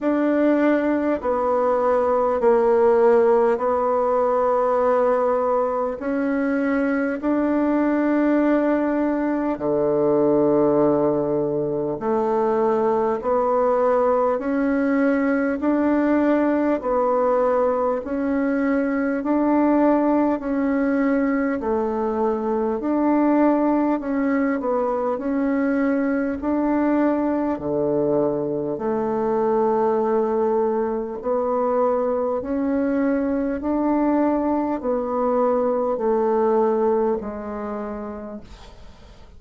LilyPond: \new Staff \with { instrumentName = "bassoon" } { \time 4/4 \tempo 4 = 50 d'4 b4 ais4 b4~ | b4 cis'4 d'2 | d2 a4 b4 | cis'4 d'4 b4 cis'4 |
d'4 cis'4 a4 d'4 | cis'8 b8 cis'4 d'4 d4 | a2 b4 cis'4 | d'4 b4 a4 gis4 | }